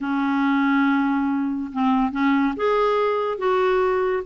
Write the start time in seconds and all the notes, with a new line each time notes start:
0.00 C#4
1.72 C4
2.11 C#4
2.56 G#4
3.38 F#4